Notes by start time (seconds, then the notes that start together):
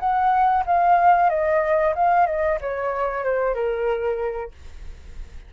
0.00 F#5
0.67 F5
1.30 D#5
1.96 F5
2.27 D#5
2.62 C#5
3.24 C5
3.55 A#4